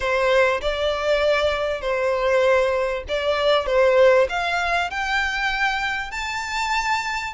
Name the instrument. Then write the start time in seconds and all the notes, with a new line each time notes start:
violin
0.00 C5
0.61 D5
1.81 C5
3.08 D5
3.66 C5
4.29 F5
4.90 G5
6.11 A5